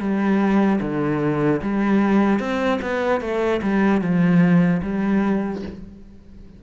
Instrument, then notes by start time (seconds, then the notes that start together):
cello
0.00 G3
0.81 D3
1.62 G3
2.40 C4
2.82 B3
3.21 A3
3.63 G3
4.01 F3
4.83 G3